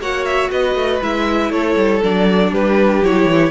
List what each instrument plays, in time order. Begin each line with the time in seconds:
0.00 cello A#3, viola F#4, violin C#5 F#5
0.25 violin E5
0.51 cello B3, violin B4 D#5
0.75 cello A3
1.02 cello G#3, viola E4, violin E5
1.50 cello A3, violin A4 C#5
1.76 cello G3
2.03 cello F#3, viola D4, violin D5
2.52 cello G3, violin G4 B4
3.02 cello F#3, viola E4, violin C#5
3.25 cello E3